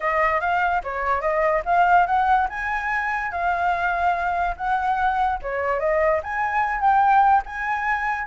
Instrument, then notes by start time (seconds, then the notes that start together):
flute
0.00 D#5
0.40 F5
0.83 C#5
1.21 D#5
1.65 F5
2.06 F#5
2.49 G#5
3.31 F5
4.56 F#5
5.42 C#5
5.79 D#5
6.23 G#5
6.80 G5
7.45 G#5